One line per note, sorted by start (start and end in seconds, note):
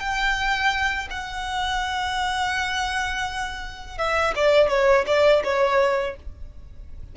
0.00 1.08 G5
1.11 3.98 F#5
3.98 4.34 E5
4.36 4.69 D5
4.69 5.05 C#5
5.07 5.43 D5
5.44 6.16 C#5